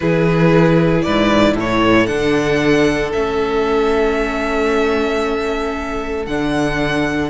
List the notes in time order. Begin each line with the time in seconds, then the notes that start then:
0.00 E3 E4 G#4 B4
1.02 G#2 B4 D5
1.54 A2 A4 C#5
2.06 D3 D4 F#5
3.12 A3 C#4 E5
6.26 D3 D4 F#5